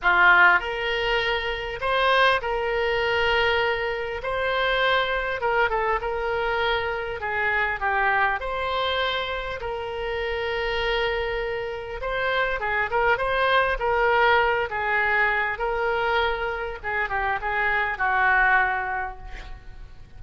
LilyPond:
\new Staff \with { instrumentName = "oboe" } { \time 4/4 \tempo 4 = 100 f'4 ais'2 c''4 | ais'2. c''4~ | c''4 ais'8 a'8 ais'2 | gis'4 g'4 c''2 |
ais'1 | c''4 gis'8 ais'8 c''4 ais'4~ | ais'8 gis'4. ais'2 | gis'8 g'8 gis'4 fis'2 | }